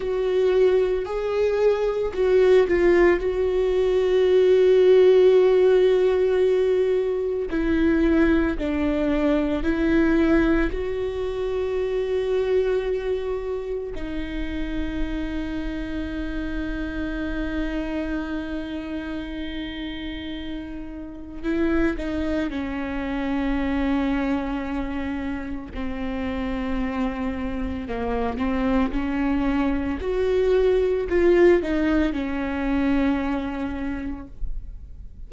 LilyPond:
\new Staff \with { instrumentName = "viola" } { \time 4/4 \tempo 4 = 56 fis'4 gis'4 fis'8 f'8 fis'4~ | fis'2. e'4 | d'4 e'4 fis'2~ | fis'4 dis'2.~ |
dis'1 | e'8 dis'8 cis'2. | c'2 ais8 c'8 cis'4 | fis'4 f'8 dis'8 cis'2 | }